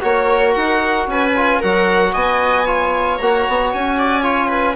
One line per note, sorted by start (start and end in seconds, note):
0.00 0.55 A#3
0.00 1.32 F#4
0.00 1.10 A#4
0.00 0.53 C#5
0.53 1.06 D#4
0.53 1.06 F#5
1.06 1.59 C#4
1.06 1.59 B4
1.06 1.61 G#5
1.36 1.62 F4
1.59 2.14 F#3
1.59 2.66 F#4
1.59 2.11 A#4
1.59 2.13 F#5
2.12 3.19 B3
2.12 2.65 D#5
2.12 3.17 G#5
2.65 3.19 F4
2.65 3.97 C#5
3.17 3.47 A#3
3.17 4.22 F#4
3.17 3.70 A#5
3.48 3.73 B3
3.73 4.75 C#4
3.73 4.75 G#5
3.98 4.23 D5
4.22 4.75 F4
4.22 4.48 C#5
4.48 4.74 B4